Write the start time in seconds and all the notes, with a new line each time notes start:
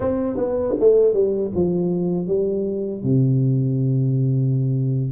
0.00 C4
0.36 B3
0.79 A3
1.13 G3
1.55 F3
2.27 G3
3.03 C3